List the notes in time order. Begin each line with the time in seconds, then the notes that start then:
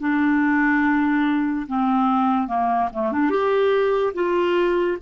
0.00 D4
1.67 C4
2.48 A#3
2.93 A3
3.12 D4
3.30 G4
4.14 F4